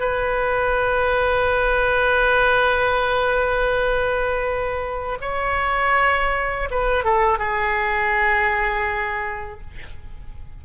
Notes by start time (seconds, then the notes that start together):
0.00 B4
5.21 C#5
6.71 B4
7.04 A4
7.39 G#4